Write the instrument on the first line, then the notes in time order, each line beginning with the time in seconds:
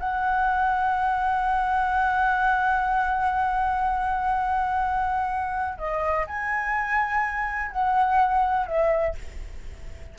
flute
0.00 F#5
5.78 D#5
6.27 G#5
7.72 F#5
8.67 E5